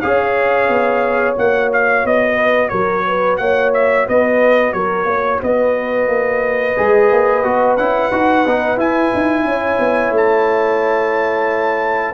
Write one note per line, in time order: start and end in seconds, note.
0.00 0.68 C#4
0.00 1.35 G#4
0.00 2.35 C#5
0.00 1.35 F5
0.68 1.36 B3
1.35 2.04 A#3
1.35 6.74 F#4
1.35 1.71 F#5
1.73 2.06 F5
2.04 2.72 B3
2.04 2.69 D#5
2.35 2.68 B4
2.69 3.39 F#3
2.69 3.04 A#4
2.69 3.36 C#5
3.07 3.40 B4
3.37 4.06 A#3
3.37 4.07 C#5
3.37 3.71 F#5
3.73 4.07 E5
4.07 4.73 B3
4.07 4.74 B4
4.07 4.72 D#5
4.72 5.04 F#3
4.72 5.07 A#4
4.72 5.40 C#5
5.04 5.38 A#3
5.04 5.39 C#5
5.39 6.07 B3
5.39 9.44 B4
5.39 7.77 D#5
6.07 6.75 A#3
6.76 7.11 G#3
6.76 7.44 G#4
7.11 7.43 A#3
7.43 7.76 B3
7.43 7.78 F#4
7.76 8.10 C#4
7.76 8.12 E4
7.76 8.78 F#5
8.12 8.45 D#4
8.12 8.45 F#4
8.46 8.77 B3
8.46 8.77 D#4
8.77 9.11 E4
8.77 12.14 E4
8.77 10.14 G#5
9.14 9.44 D#4
9.44 9.78 C#4
9.44 12.14 C#5
9.79 10.11 B3
10.11 12.13 A3
10.11 12.14 A5